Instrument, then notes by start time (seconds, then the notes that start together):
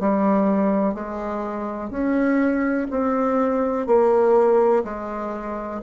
bassoon
0.00 G3
0.95 G#3
1.90 C#4
2.91 C4
3.87 A#3
4.84 G#3